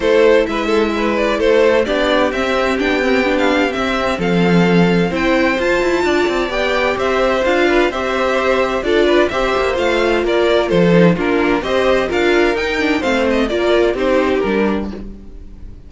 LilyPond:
<<
  \new Staff \with { instrumentName = "violin" } { \time 4/4 \tempo 4 = 129 c''4 e''4. d''8 c''4 | d''4 e''4 g''4~ g''16 f''8. | e''4 f''2 g''4 | a''2 g''4 e''4 |
f''4 e''2 d''4 | e''4 f''4 d''4 c''4 | ais'4 dis''4 f''4 g''4 | f''8 dis''8 d''4 c''4 ais'4 | }
  \new Staff \with { instrumentName = "violin" } { \time 4/4 a'4 b'8 a'8 b'4 a'4 | g'1~ | g'4 a'2 c''4~ | c''4 d''2 c''4~ |
c''8 b'8 c''2 a'8 b'8 | c''2 ais'4 a'4 | f'4 c''4 ais'2 | c''4 ais'4 g'2 | }
  \new Staff \with { instrumentName = "viola" } { \time 4/4 e'1 | d'4 c'4 d'8 c'8 d'4 | c'2. e'4 | f'2 g'2 |
f'4 g'2 f'4 | g'4 f'2~ f'8 dis'8 | d'4 g'4 f'4 dis'8 d'8 | c'4 f'4 dis'4 d'4 | }
  \new Staff \with { instrumentName = "cello" } { \time 4/4 a4 gis2 a4 | b4 c'4 b2 | c'4 f2 c'4 | f'8 e'8 d'8 c'8 b4 c'4 |
d'4 c'2 d'4 | c'8 ais8 a4 ais4 f4 | ais4 c'4 d'4 dis'4 | a4 ais4 c'4 g4 | }
>>